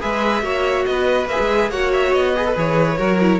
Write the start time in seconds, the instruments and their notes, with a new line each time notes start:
0.00 cello G#3, viola G#4, violin B4 E5
0.42 cello A#3, viola F#4, violin C#5
0.85 cello B3, violin B4 D#5
1.25 cello A#3, viola G#4, violin E5
1.39 cello G#3
1.69 cello A#3, viola F#4, violin C#5 F#5
1.92 violin E5
2.12 cello B3, violin D#5
2.36 viola G#4, violin B4
2.46 viola A4
2.54 cello E3, viola G#4, violin C#5
2.97 cello F#3, viola F#4, violin A#4
3.20 viola E4